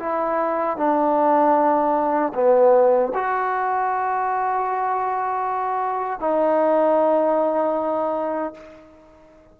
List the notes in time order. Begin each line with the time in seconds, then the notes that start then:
0.00 E4
0.77 D4
2.34 B3
3.14 F#4
6.20 D#4